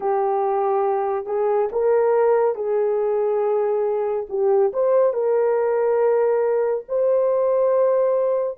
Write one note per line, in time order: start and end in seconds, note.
0.00 1.26 G4
1.26 1.69 G#4
1.71 2.55 A#4
2.55 4.26 G#4
4.29 4.72 G4
4.73 5.13 C5
5.13 6.84 A#4
6.88 8.58 C5